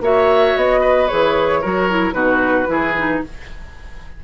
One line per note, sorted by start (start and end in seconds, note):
0.00 0.53 A#3
0.00 1.08 F#4
0.00 0.80 C#5
0.00 0.56 E5
0.56 1.09 B3
0.56 1.08 D#5
0.80 1.60 B4
1.08 1.64 E3
1.08 1.61 G#4
1.08 2.12 C#5
1.61 2.12 F#3
1.61 1.89 F#4
1.61 2.14 A#4
1.89 2.12 E4
2.12 2.66 B2
2.12 2.65 D#4
2.12 2.67 F#4
2.12 3.19 B4
2.66 3.21 E3
2.66 2.93 E4
2.66 3.24 G#4
2.97 3.23 D#4